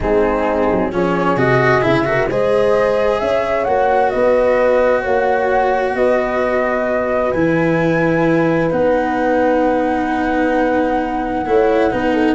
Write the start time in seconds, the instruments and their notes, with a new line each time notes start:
0.00 tuba G#3, cello C4, horn D#4, flute G#4
0.71 tuba F#3
0.91 tuba F3, cello C#4, horn G#4, flute C#5
1.36 tuba C3, cello F#4, flute D#5
1.81 tuba C#3, cello E4, flute E5
2.04 cello F#4, horn A#4
2.29 tuba G#3, cello G#4, horn C5, flute D#5
3.19 tuba C#4, horn C#5, flute E5
3.64 tuba A#3, cello F#4, flute F#5
4.09 tuba B3, horn B4, flute D#5
5.01 tuba A#3, horn C#5, flute F#5
5.94 tuba B3, horn B4, flute D#5
7.31 tuba E3, cello E4, flute G#5
8.70 tuba B3, cello D#4, flute F#5
11.45 tuba A3, cello E4, horn C#5
11.90 tuba B3, cello D#4, horn B4
12.13 horn A4